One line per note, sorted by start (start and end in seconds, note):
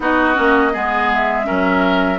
0.00 0.35 B3
0.00 0.34 D#4
0.00 0.72 F#4
0.00 1.11 D#5
0.34 0.74 A#3
0.34 0.71 C#4
0.72 1.48 G#3
0.72 1.43 B3
0.72 1.45 G#4
1.13 2.19 E5
1.43 2.19 F#3
1.43 2.17 C#4
1.43 2.19 A#4